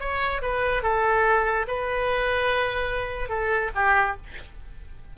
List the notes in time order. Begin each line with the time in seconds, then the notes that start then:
0.00 C#5
0.42 B4
0.83 A4
1.67 B4
3.29 A4
3.75 G4